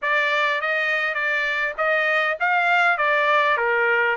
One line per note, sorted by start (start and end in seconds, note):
0.02 0.61 D5
0.61 1.14 D#5
1.14 1.73 D5
1.77 2.37 D#5
2.40 2.97 F5
2.97 3.57 D5
3.57 4.16 A#4